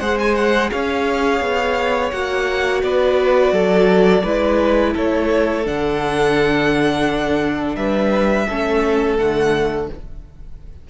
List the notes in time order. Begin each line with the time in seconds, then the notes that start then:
0.00 G#3 G#4 C5 F#5
0.20 G#5
0.36 F#5
0.72 C#4 C#5 F5
1.41 B3
2.11 A#3 F#4 F#5
2.83 B3 B4 D5
3.52 F#3 A4
4.24 G#3 E4 B4
4.94 A3 A4 C#5
5.65 D3 D4 F#5
7.76 G3 B4 E5
8.48 A3 C#4 A4
9.18 D3 A3 F#5